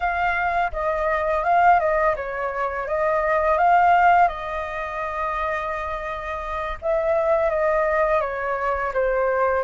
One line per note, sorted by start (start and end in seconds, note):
0.00 0.71 F5
0.72 1.43 D#5
1.43 1.79 F5
1.79 2.15 D#5
2.16 2.87 C#5
2.87 3.58 D#5
3.58 4.28 F5
4.28 6.78 D#5
6.81 7.49 E5
7.49 8.20 D#5
8.20 8.92 C#5
8.93 9.63 C5